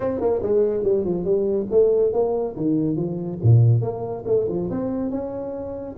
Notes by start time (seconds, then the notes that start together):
0.00 C4
0.20 A#3
0.42 G#3
0.83 G3
1.04 F3
1.24 G3
1.70 A3
2.13 A#3
2.56 D#3
2.96 F3
3.42 A#2
3.81 A#3
4.26 A3
4.48 F3
4.70 C4
5.10 C#4